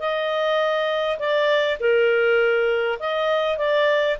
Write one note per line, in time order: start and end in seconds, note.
0.00 1.19 D#5
1.19 1.78 D5
1.80 2.99 A#4
2.99 3.58 D#5
3.58 4.17 D5